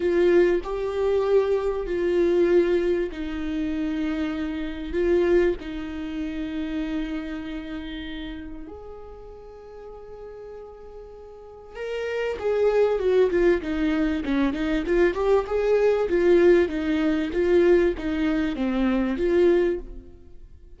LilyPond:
\new Staff \with { instrumentName = "viola" } { \time 4/4 \tempo 4 = 97 f'4 g'2 f'4~ | f'4 dis'2. | f'4 dis'2.~ | dis'2 gis'2~ |
gis'2. ais'4 | gis'4 fis'8 f'8 dis'4 cis'8 dis'8 | f'8 g'8 gis'4 f'4 dis'4 | f'4 dis'4 c'4 f'4 | }